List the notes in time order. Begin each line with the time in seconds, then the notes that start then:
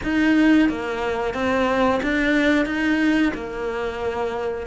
0.03 D#4
0.69 A#3
1.33 C4
2.02 D4
2.65 D#4
3.33 A#3